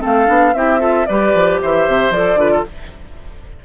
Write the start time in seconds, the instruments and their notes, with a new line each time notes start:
0.00 bassoon A3, clarinet C4, oboe A4, flute F5
0.26 bassoon B3, clarinet D4
0.54 bassoon C4, clarinet E4, oboe G4, flute E5
0.79 clarinet F4, oboe A4
1.06 bassoon G3, clarinet G4, oboe B4, flute D5
1.34 bassoon F3
1.62 bassoon E3, oboe C5, flute E5
1.87 bassoon C3
2.10 bassoon F3, clarinet A4, flute D5
2.35 bassoon D3, clarinet F4, oboe B4
2.51 oboe A4